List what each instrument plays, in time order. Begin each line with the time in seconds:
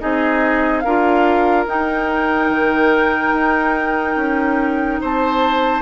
0.00 bassoon C4, clarinet D#4, oboe G#4, flute D#5
0.81 bassoon D4, oboe A#4, flute F5
0.87 clarinet F4
1.66 bassoon D#4, clarinet D#4, flute G5
2.50 bassoon D#3
3.33 bassoon D#4
4.17 bassoon C#4
5.01 bassoon C4, oboe C5, flute A5